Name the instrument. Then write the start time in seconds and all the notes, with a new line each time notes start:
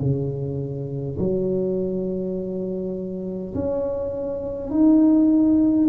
tuba
0.00 C#3
1.19 F#3
3.54 C#4
4.71 D#4